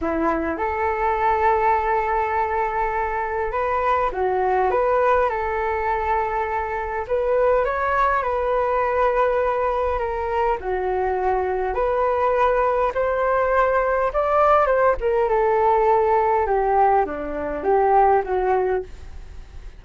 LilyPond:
\new Staff \with { instrumentName = "flute" } { \time 4/4 \tempo 4 = 102 e'4 a'2.~ | a'2 b'4 fis'4 | b'4 a'2. | b'4 cis''4 b'2~ |
b'4 ais'4 fis'2 | b'2 c''2 | d''4 c''8 ais'8 a'2 | g'4 d'4 g'4 fis'4 | }